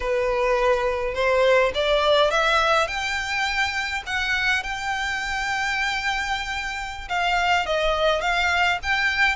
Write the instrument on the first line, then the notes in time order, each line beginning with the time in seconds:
violin
0.00 B4
1.14 C5
1.74 D5
2.31 E5
2.87 G5
4.06 F#5
4.63 G5
7.09 F5
7.66 D#5
8.21 F5
8.82 G5